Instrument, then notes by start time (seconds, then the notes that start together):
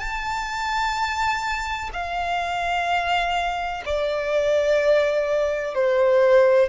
violin
0.00 A5
1.94 F5
3.86 D5
5.75 C5